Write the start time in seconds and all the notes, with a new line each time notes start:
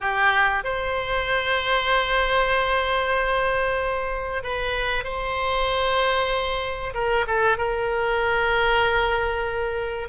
0.01 G4
0.64 C5
4.43 B4
5.04 C5
6.94 A#4
7.27 A4
7.57 A#4